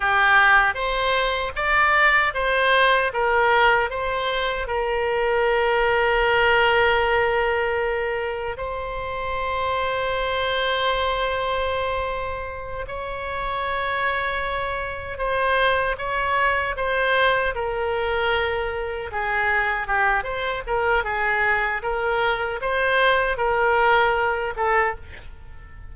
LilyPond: \new Staff \with { instrumentName = "oboe" } { \time 4/4 \tempo 4 = 77 g'4 c''4 d''4 c''4 | ais'4 c''4 ais'2~ | ais'2. c''4~ | c''1~ |
c''8 cis''2. c''8~ | c''8 cis''4 c''4 ais'4.~ | ais'8 gis'4 g'8 c''8 ais'8 gis'4 | ais'4 c''4 ais'4. a'8 | }